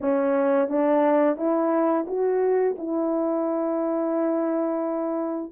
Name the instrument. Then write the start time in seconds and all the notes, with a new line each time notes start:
horn
0.00 C#4
0.68 D4
1.36 E4
2.07 F#4
2.78 E4